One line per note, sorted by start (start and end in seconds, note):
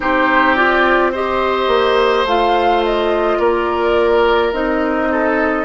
0.00 1.67 C4
0.00 0.56 D#4
0.00 1.12 G4
0.00 0.54 C5
0.54 1.13 F4
0.54 1.11 D5
1.12 2.27 G4
1.12 3.38 C5
1.12 2.27 D#5
1.67 2.24 A#3
2.24 3.37 A3
2.24 4.53 F4
2.24 2.84 F5
2.84 3.39 D#5
3.38 4.52 A#3
3.38 5.08 A#4
3.38 4.52 D5
4.52 5.65 C4
4.52 5.65 D#4
4.52 5.65 D#5
5.11 5.65 A4